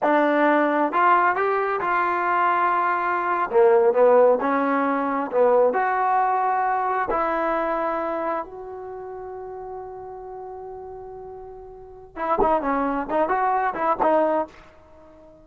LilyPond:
\new Staff \with { instrumentName = "trombone" } { \time 4/4 \tempo 4 = 133 d'2 f'4 g'4 | f'2.~ f'8. ais16~ | ais8. b4 cis'2 b16~ | b8. fis'2. e'16~ |
e'2~ e'8. fis'4~ fis'16~ | fis'1~ | fis'2. e'8 dis'8 | cis'4 dis'8 fis'4 e'8 dis'4 | }